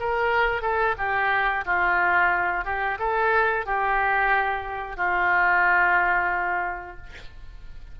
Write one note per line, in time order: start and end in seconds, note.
0.00 0.62 A#4
0.62 0.95 A4
0.98 1.65 G4
1.65 2.65 F4
2.65 2.98 G4
2.99 3.66 A4
3.66 4.97 G4
4.97 6.97 F4